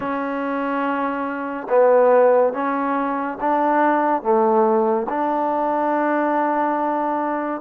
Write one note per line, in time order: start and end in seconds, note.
0.00 1.67 C#4
1.69 2.53 B3
2.53 3.38 C#4
3.40 4.22 D4
4.22 5.06 A3
5.09 7.61 D4